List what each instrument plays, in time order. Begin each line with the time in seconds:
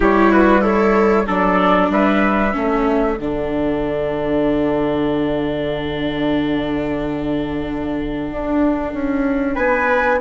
0.00 bassoon G3, viola E4, trumpet G4, flute C#5
0.31 trumpet F#4, flute B4
0.61 trumpet E4, viola A4, flute C#5
1.27 bassoon F#3, viola D4, trumpet A4, flute D5
1.89 bassoon G3, trumpet B4, flute E5
2.52 bassoon A3, viola C#4, trumpet A4
3.18 bassoon D3, viola D4, flute F#5
8.31 bassoon D4
8.93 bassoon C#4
9.54 bassoon B3, trumpet B4, flute G#5